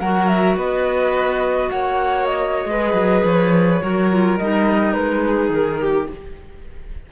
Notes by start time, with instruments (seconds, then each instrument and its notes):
0.00 cello F#3, clarinet F#4, violin A#4, flute F#5
0.28 flute E5
0.57 cello B3, violin B4, flute D#5
1.70 cello A#3, violin C#5, flute F#5
2.26 flute D#5
2.66 cello G#3, violin B4
2.74 clarinet G#4
2.94 cello F#3
3.25 cello F3, flute C#5
3.81 cello F#3, clarinet F#4, violin A#4
4.10 clarinet F4
4.38 cello G3, clarinet D#4, flute D#5
4.94 cello G#3, flute B4
5.27 violin G#4
5.50 cello D#3, flute A#4
5.81 violin G4